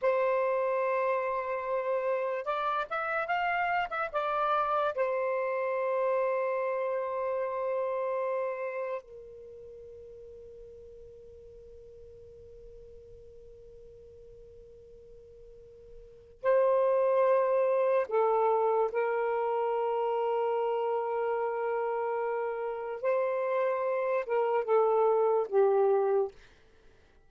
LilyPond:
\new Staff \with { instrumentName = "saxophone" } { \time 4/4 \tempo 4 = 73 c''2. d''8 e''8 | f''8. e''16 d''4 c''2~ | c''2. ais'4~ | ais'1~ |
ais'1 | c''2 a'4 ais'4~ | ais'1 | c''4. ais'8 a'4 g'4 | }